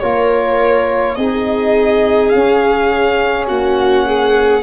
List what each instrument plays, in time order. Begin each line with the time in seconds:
0.00 tuba A#3, trombone F4, viola A#4, violin C#5
1.15 tuba C4, trombone D#4, viola G#4, violin D#5
2.29 trombone C#4, tuba C#4, violin F5
3.47 tuba A#3, viola F#4, violin F#5
4.06 viola G#4